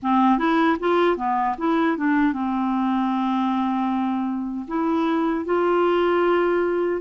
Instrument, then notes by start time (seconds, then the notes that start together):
clarinet
0.02 C4
0.38 E4
0.79 F4
1.17 B3
1.58 E4
1.97 D4
2.32 C4
4.68 E4
5.45 F4